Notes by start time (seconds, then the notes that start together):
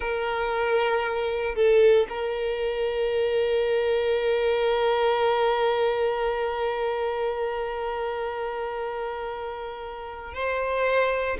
0.00 A#4
1.55 A4
2.09 A#4
10.34 C5